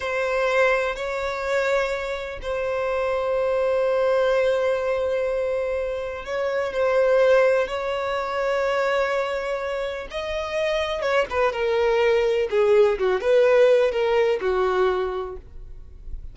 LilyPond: \new Staff \with { instrumentName = "violin" } { \time 4/4 \tempo 4 = 125 c''2 cis''2~ | cis''4 c''2.~ | c''1~ | c''4 cis''4 c''2 |
cis''1~ | cis''4 dis''2 cis''8 b'8 | ais'2 gis'4 fis'8 b'8~ | b'4 ais'4 fis'2 | }